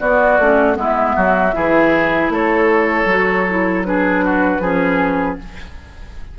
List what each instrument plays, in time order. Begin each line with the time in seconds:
0.00 bassoon B3, clarinet B3, oboe F#4, flute D5
0.39 bassoon A3, clarinet C#4
0.74 bassoon G#3, clarinet B3, oboe E4
0.81 flute E5
1.16 bassoon F#3, oboe F#4
1.53 bassoon E3, clarinet E4, oboe G#4
2.30 bassoon A3, oboe A4, flute C#5
3.05 bassoon F#3, clarinet F#4
3.50 clarinet E4
3.85 clarinet D4, oboe G#4, flute B4
4.25 oboe F#4
4.60 bassoon F3, clarinet C#4, oboe G#4